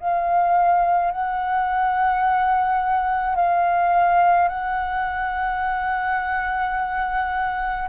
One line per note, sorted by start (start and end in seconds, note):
0.00 1.11 F5
1.11 3.36 F#5
3.36 4.48 F5
4.48 7.88 F#5